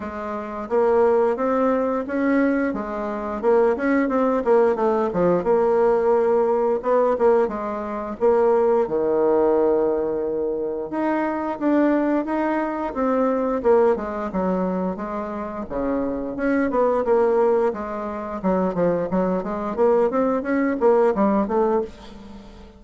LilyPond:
\new Staff \with { instrumentName = "bassoon" } { \time 4/4 \tempo 4 = 88 gis4 ais4 c'4 cis'4 | gis4 ais8 cis'8 c'8 ais8 a8 f8 | ais2 b8 ais8 gis4 | ais4 dis2. |
dis'4 d'4 dis'4 c'4 | ais8 gis8 fis4 gis4 cis4 | cis'8 b8 ais4 gis4 fis8 f8 | fis8 gis8 ais8 c'8 cis'8 ais8 g8 a8 | }